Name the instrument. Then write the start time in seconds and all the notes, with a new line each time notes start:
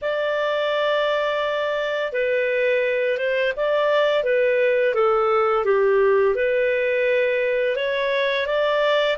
clarinet
0.01 D5
2.12 B4
3.17 C5
3.56 D5
4.24 B4
4.94 A4
5.65 G4
6.35 B4
7.76 C#5
8.46 D5